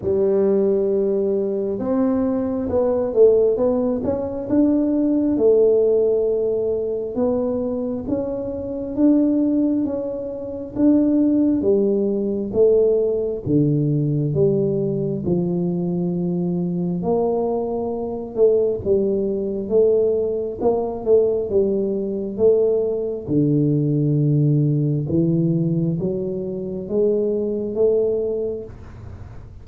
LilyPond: \new Staff \with { instrumentName = "tuba" } { \time 4/4 \tempo 4 = 67 g2 c'4 b8 a8 | b8 cis'8 d'4 a2 | b4 cis'4 d'4 cis'4 | d'4 g4 a4 d4 |
g4 f2 ais4~ | ais8 a8 g4 a4 ais8 a8 | g4 a4 d2 | e4 fis4 gis4 a4 | }